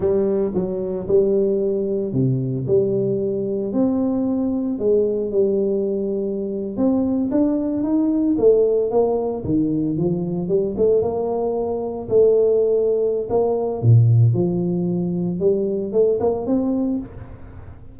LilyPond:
\new Staff \with { instrumentName = "tuba" } { \time 4/4 \tempo 4 = 113 g4 fis4 g2 | c4 g2 c'4~ | c'4 gis4 g2~ | g8. c'4 d'4 dis'4 a16~ |
a8. ais4 dis4 f4 g16~ | g16 a8 ais2 a4~ a16~ | a4 ais4 ais,4 f4~ | f4 g4 a8 ais8 c'4 | }